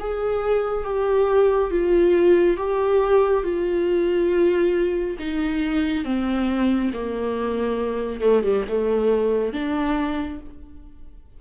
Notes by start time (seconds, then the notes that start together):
0.00 G#4
0.84 G4
1.70 F4
2.57 G4
3.43 F4
5.19 D#4
6.04 C4
6.93 A#3
8.21 A3
8.43 G3
8.68 A3
9.53 D4